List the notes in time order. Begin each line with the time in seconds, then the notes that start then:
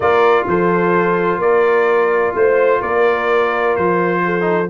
0.00 A#3 F4 A#4 D5
0.47 F3 A4 C5
1.37 A#3 A#4 D5
2.34 A3 C5
2.80 A#3 A#4 D5
3.76 F3 C5
4.24 A4
4.40 D#4